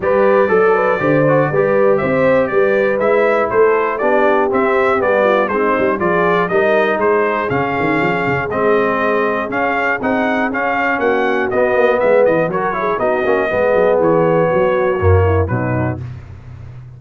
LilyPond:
<<
  \new Staff \with { instrumentName = "trumpet" } { \time 4/4 \tempo 4 = 120 d''1 | e''4 d''4 e''4 c''4 | d''4 e''4 d''4 c''4 | d''4 dis''4 c''4 f''4~ |
f''4 dis''2 f''4 | fis''4 f''4 fis''4 dis''4 | e''8 dis''8 cis''4 dis''2 | cis''2. b'4 | }
  \new Staff \with { instrumentName = "horn" } { \time 4/4 b'4 a'8 b'8 c''4 b'4 | c''4 b'2 a'4 | g'2~ g'8 f'8 dis'4 | gis'4 ais'4 gis'2~ |
gis'1~ | gis'2 fis'2 | b'4 ais'8 gis'8 fis'4 gis'4~ | gis'4 fis'4. e'8 dis'4 | }
  \new Staff \with { instrumentName = "trombone" } { \time 4/4 g'4 a'4 g'8 fis'8 g'4~ | g'2 e'2 | d'4 c'4 b4 c'4 | f'4 dis'2 cis'4~ |
cis'4 c'2 cis'4 | dis'4 cis'2 b4~ | b4 fis'8 e'8 dis'8 cis'8 b4~ | b2 ais4 fis4 | }
  \new Staff \with { instrumentName = "tuba" } { \time 4/4 g4 fis4 d4 g4 | c'4 g4 gis4 a4 | b4 c'4 g4 gis8 g8 | f4 g4 gis4 cis8 dis8 |
f8 cis8 gis2 cis'4 | c'4 cis'4 ais4 b8 ais8 | gis8 e8 fis4 b8 ais8 gis8 fis8 | e4 fis4 fis,4 b,4 | }
>>